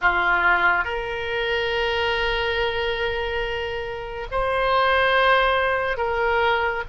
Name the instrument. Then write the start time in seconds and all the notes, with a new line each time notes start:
oboe
0.01 F4
0.84 A#4
4.31 C5
5.97 A#4